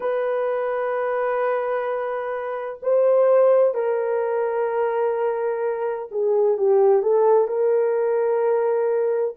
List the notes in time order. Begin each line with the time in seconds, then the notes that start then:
0.00 B4
2.82 C5
3.74 A#4
6.11 G#4
6.57 G4
7.02 A4
7.47 A#4